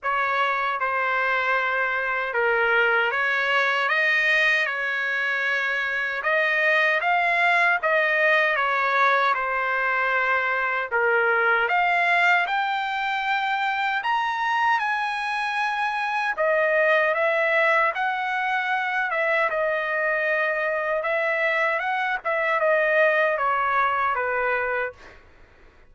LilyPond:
\new Staff \with { instrumentName = "trumpet" } { \time 4/4 \tempo 4 = 77 cis''4 c''2 ais'4 | cis''4 dis''4 cis''2 | dis''4 f''4 dis''4 cis''4 | c''2 ais'4 f''4 |
g''2 ais''4 gis''4~ | gis''4 dis''4 e''4 fis''4~ | fis''8 e''8 dis''2 e''4 | fis''8 e''8 dis''4 cis''4 b'4 | }